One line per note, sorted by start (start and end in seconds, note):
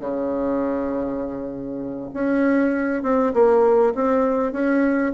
0.00 2.10 C#3
2.14 3.03 C#4
3.03 3.33 C4
3.34 3.94 A#3
3.95 4.52 C4
4.52 5.12 C#4